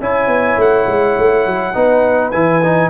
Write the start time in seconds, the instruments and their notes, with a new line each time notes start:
0.00 tuba C#4, trombone E4, horn C#5, trumpet G#5
0.27 tuba B3
0.57 tuba A3, trumpet F#5
0.87 tuba G#3
1.18 tuba A3
1.46 tuba F#3
1.73 tuba B3, trombone D#4, horn B4
2.31 tuba E3, trombone E4, trumpet G#5
2.63 trombone D#4